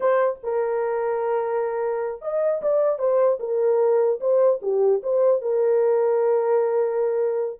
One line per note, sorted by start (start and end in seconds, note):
0.00 0.39 C5
0.43 2.21 A#4
2.21 2.61 D#5
2.61 2.99 D5
2.99 3.39 C5
3.39 4.19 A#4
4.20 4.60 C5
4.61 5.01 G4
5.03 5.41 C5
5.41 7.59 A#4